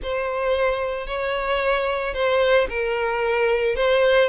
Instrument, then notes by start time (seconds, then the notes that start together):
violin
0.03 C5
1.07 C#5
2.14 C5
2.69 A#4
3.75 C5